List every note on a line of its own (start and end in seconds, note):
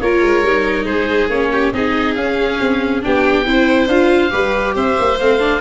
0.00 0.21 A#3
0.00 0.45 F4
0.00 0.85 A#4
0.00 0.85 C#5
0.21 0.42 G#3
0.42 0.85 G3
0.42 1.30 D#4
0.85 1.29 G#3
0.85 1.49 G#4
0.85 1.28 C5
1.29 1.72 A#3
1.29 1.73 C#4
1.29 1.73 C#5
1.52 1.73 G4
1.72 2.15 C4
1.72 2.17 D#4
1.72 3.05 G#4
1.72 2.15 D#5
2.15 2.58 C#4
2.15 3.01 C#4
2.15 3.01 F5
2.61 3.04 C4
3.01 3.46 B3
3.01 3.44 D4
3.01 3.47 G4
3.01 3.88 G5
3.45 3.87 C4
3.45 3.88 E4
3.45 4.31 C5
3.87 4.30 D4
3.87 4.30 F4
3.87 4.74 F5
4.30 4.75 G3
4.30 5.16 G4
4.30 4.74 B4
4.75 4.97 C4
4.75 5.61 C5
4.75 5.19 E5
4.99 5.20 A#3
5.19 5.61 A3
5.19 5.39 C4
5.19 5.61 F5
5.39 5.60 D4